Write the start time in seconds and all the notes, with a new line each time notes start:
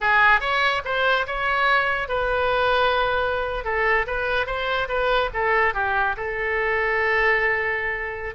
0.00 G#4
0.40 C#5
0.84 C5
1.26 C#5
2.08 B4
3.64 A4
4.06 B4
4.46 C5
4.88 B4
5.33 A4
5.74 G4
6.16 A4